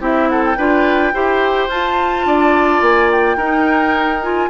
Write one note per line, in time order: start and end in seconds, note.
0.00 0.57 C4
0.00 0.56 E4
0.00 0.29 G4
0.00 0.30 E5
0.30 0.57 A4
0.30 0.44 F#5
0.45 1.70 G5
0.57 1.13 D4
0.57 1.13 F4
0.57 1.14 B4
1.13 1.68 E4
1.13 1.69 G4
1.13 2.26 C5
1.68 2.24 F4
1.68 3.39 F4
1.68 2.82 A5
2.25 2.81 D4
2.25 3.37 D5
2.81 3.36 A#3
2.81 3.11 G#5
3.11 4.23 G5
3.36 4.48 D#4
3.36 4.23 D#4
3.36 4.49 A#4
4.23 4.50 F4
4.23 4.50 G#5